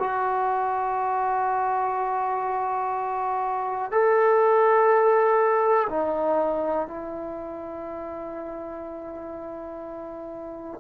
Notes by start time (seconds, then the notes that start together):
0.00 F#4
3.92 A4
5.90 D#4
6.88 E4